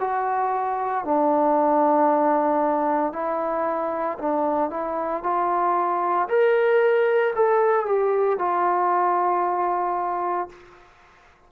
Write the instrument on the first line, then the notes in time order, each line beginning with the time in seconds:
trombone
0.00 F#4
1.05 D4
3.13 E4
4.19 D4
4.71 E4
5.23 F4
6.29 A#4
7.36 A4
7.86 G4
8.39 F4